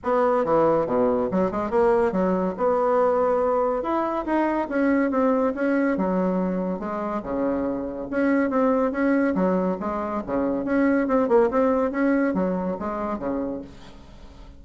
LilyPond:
\new Staff \with { instrumentName = "bassoon" } { \time 4/4 \tempo 4 = 141 b4 e4 b,4 fis8 gis8 | ais4 fis4 b2~ | b4 e'4 dis'4 cis'4 | c'4 cis'4 fis2 |
gis4 cis2 cis'4 | c'4 cis'4 fis4 gis4 | cis4 cis'4 c'8 ais8 c'4 | cis'4 fis4 gis4 cis4 | }